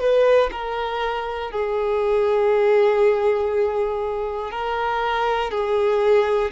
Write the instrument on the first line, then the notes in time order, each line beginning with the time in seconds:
violin
0.00 B4
0.51 A#4
1.51 G#4
4.51 A#4
5.51 G#4